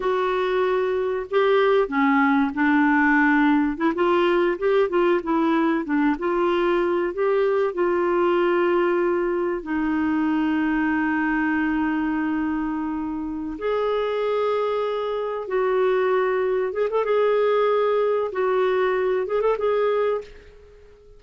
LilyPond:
\new Staff \with { instrumentName = "clarinet" } { \time 4/4 \tempo 4 = 95 fis'2 g'4 cis'4 | d'2 e'16 f'4 g'8 f'16~ | f'16 e'4 d'8 f'4. g'8.~ | g'16 f'2. dis'8.~ |
dis'1~ | dis'4. gis'2~ gis'8~ | gis'8 fis'2 gis'16 a'16 gis'4~ | gis'4 fis'4. gis'16 a'16 gis'4 | }